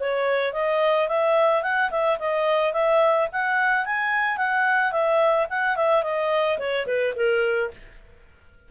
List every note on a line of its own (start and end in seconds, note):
0.00 0.54 C#5
0.54 1.09 D#5
1.09 1.63 E5
1.63 1.91 F#5
1.91 2.18 E5
2.19 2.73 D#5
2.73 3.29 E5
3.33 3.86 F#5
3.86 4.38 G#5
4.38 4.92 F#5
4.92 5.47 E5
5.50 5.76 F#5
5.76 6.03 E5
6.03 6.58 D#5
6.59 6.87 C#5
6.87 7.14 B4
7.16 7.71 A#4